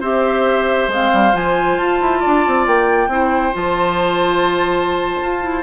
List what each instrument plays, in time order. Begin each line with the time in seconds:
0.00 bassoon C4, clarinet G4, oboe C5, flute E5
0.88 bassoon G#3, clarinet C4, flute F5
1.13 bassoon G3
1.33 bassoon F3, clarinet F4, flute G#5
1.77 bassoon F4, flute A5
2.01 bassoon E4
2.19 oboe D5
2.26 bassoon D4
2.47 bassoon C4
2.67 bassoon A#3, flute G5
3.08 bassoon C4, clarinet E4, oboe C5
3.52 bassoon F3, clarinet F4, flute A5
5.22 bassoon F4
5.41 clarinet E4